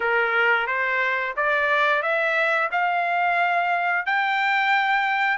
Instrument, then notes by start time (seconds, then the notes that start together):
trumpet
0.00 A#4
0.66 C5
1.36 D5
2.02 E5
2.72 F5
4.05 G5